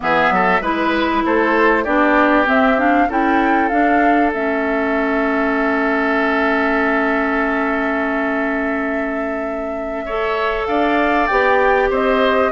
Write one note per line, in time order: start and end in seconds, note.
0.00 0.30 E3
0.00 0.61 B3
0.00 0.33 G#4
0.00 0.63 E5
0.30 0.60 F#3
0.30 0.61 A4
0.60 1.22 G#3
0.60 1.85 E4
0.60 1.23 B4
0.60 1.24 B4
1.25 1.85 A3
1.25 1.84 A4
1.25 1.84 C5
1.84 2.47 B3
1.84 2.45 D4
1.84 3.07 G4
1.84 2.45 D5
2.45 2.76 C4
2.45 3.08 C4
2.45 2.79 E5
2.77 3.08 D4
2.77 3.10 F5
3.08 3.70 C#4
3.08 3.70 E4
3.08 10.04 A4
3.08 3.68 G5
3.68 4.32 D4
3.68 4.33 D4
3.68 4.30 F5
4.33 10.67 A3
4.33 10.07 C#4
4.33 10.66 E5
10.05 11.30 A4
10.05 10.67 C#5
10.66 11.29 D4
10.66 11.89 D5
10.66 11.26 F5
11.26 11.90 B3
11.26 12.52 G4
11.26 11.88 G5
11.89 12.52 C4
11.89 12.51 C5
11.89 12.52 D#5